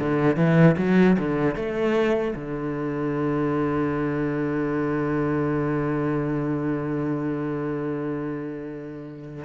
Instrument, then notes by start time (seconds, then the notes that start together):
cello
0.00 D3
0.37 E3
0.78 F#3
1.19 D3
1.56 A3
2.36 D3